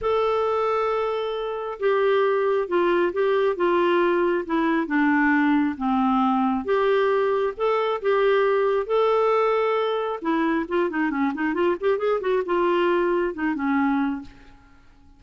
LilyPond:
\new Staff \with { instrumentName = "clarinet" } { \time 4/4 \tempo 4 = 135 a'1 | g'2 f'4 g'4 | f'2 e'4 d'4~ | d'4 c'2 g'4~ |
g'4 a'4 g'2 | a'2. e'4 | f'8 dis'8 cis'8 dis'8 f'8 g'8 gis'8 fis'8 | f'2 dis'8 cis'4. | }